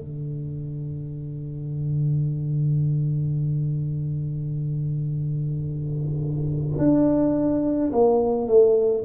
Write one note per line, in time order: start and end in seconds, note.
0.00 6.79 D3
6.79 7.92 D4
7.92 8.48 A#3
8.48 9.04 A3